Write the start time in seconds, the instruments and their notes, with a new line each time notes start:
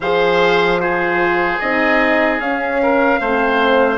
0.00 bassoon F3, horn G#4, oboe C5, trumpet F5
0.79 horn F4, oboe G#4, trumpet C5
1.59 bassoon C4, horn D#4, trumpet D#5
2.39 bassoon C#4, horn C#4, trumpet F5
2.82 oboe A#4
3.20 bassoon A3, horn C4, oboe C5